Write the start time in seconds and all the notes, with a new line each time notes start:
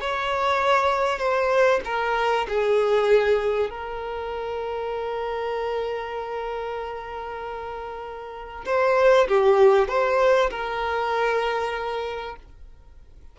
0.00 C#5
1.18 C5
1.84 A#4
2.48 G#4
3.69 A#4
8.65 C5
9.28 G4
9.88 C5
10.50 A#4